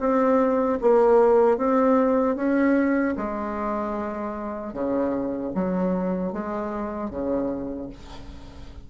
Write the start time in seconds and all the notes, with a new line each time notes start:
0.00 C4
0.81 A#3
1.58 C4
2.36 C#4
3.17 G#3
4.74 C#3
5.55 F#3
6.33 G#3
7.11 C#3